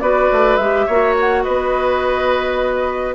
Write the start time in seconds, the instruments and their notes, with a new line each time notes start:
0.00 bassoon B3, clarinet F#4, oboe B4, flute D5
0.32 bassoon A3
0.56 bassoon G#3, clarinet G4, flute E5
0.86 bassoon A#3, clarinet F#4, oboe C#5
1.20 flute F#5
1.43 bassoon B3, oboe B4, flute D#5